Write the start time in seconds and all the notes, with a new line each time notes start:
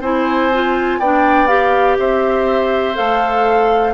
0.00 C4 E4 C5 G#5
0.53 F4
0.99 B3 D4 D5 G5
1.47 G4 F5
1.99 C4 C5 E5
2.95 A3 A4 F5